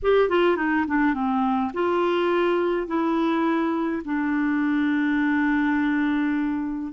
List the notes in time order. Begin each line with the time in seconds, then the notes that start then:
0.02 G4
0.29 F4
0.56 D#4
0.87 D4
1.14 C4
1.73 F4
2.87 E4
4.04 D4